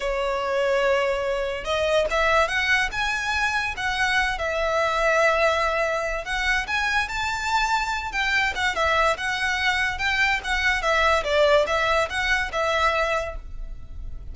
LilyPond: \new Staff \with { instrumentName = "violin" } { \time 4/4 \tempo 4 = 144 cis''1 | dis''4 e''4 fis''4 gis''4~ | gis''4 fis''4. e''4.~ | e''2. fis''4 |
gis''4 a''2~ a''8 g''8~ | g''8 fis''8 e''4 fis''2 | g''4 fis''4 e''4 d''4 | e''4 fis''4 e''2 | }